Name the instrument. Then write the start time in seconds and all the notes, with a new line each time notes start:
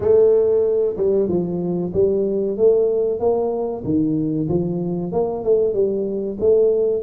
tuba
0.00 A3
0.96 G3
1.28 F3
1.93 G3
2.57 A3
3.19 A#3
3.84 D#3
4.49 F3
5.12 A#3
5.43 A3
5.73 G3
6.40 A3